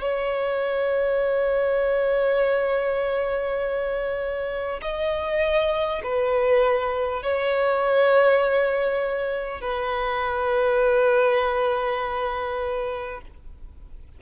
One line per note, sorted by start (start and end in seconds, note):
0.00 4.80 C#5
4.81 6.01 D#5
6.03 7.22 B4
7.22 9.61 C#5
9.61 13.21 B4